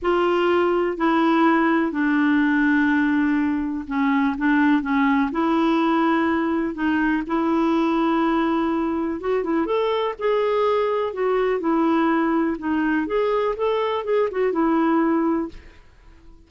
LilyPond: \new Staff \with { instrumentName = "clarinet" } { \time 4/4 \tempo 4 = 124 f'2 e'2 | d'1 | cis'4 d'4 cis'4 e'4~ | e'2 dis'4 e'4~ |
e'2. fis'8 e'8 | a'4 gis'2 fis'4 | e'2 dis'4 gis'4 | a'4 gis'8 fis'8 e'2 | }